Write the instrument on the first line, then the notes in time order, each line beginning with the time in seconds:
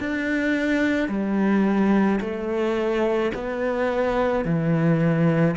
cello
0.00 D4
1.09 G3
2.21 A3
3.35 B3
4.45 E3